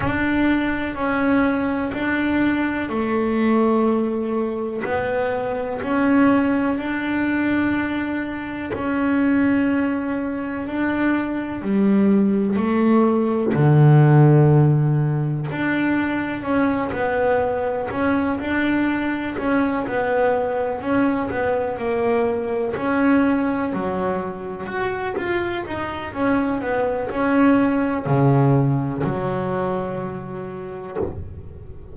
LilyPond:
\new Staff \with { instrumentName = "double bass" } { \time 4/4 \tempo 4 = 62 d'4 cis'4 d'4 a4~ | a4 b4 cis'4 d'4~ | d'4 cis'2 d'4 | g4 a4 d2 |
d'4 cis'8 b4 cis'8 d'4 | cis'8 b4 cis'8 b8 ais4 cis'8~ | cis'8 fis4 fis'8 f'8 dis'8 cis'8 b8 | cis'4 cis4 fis2 | }